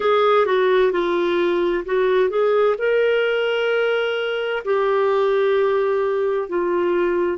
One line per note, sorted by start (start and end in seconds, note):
0.00 0.46 G#4
0.46 0.91 F#4
0.91 1.84 F4
1.85 2.29 F#4
2.29 2.75 G#4
2.78 4.63 A#4
4.64 6.48 G4
6.48 7.38 F4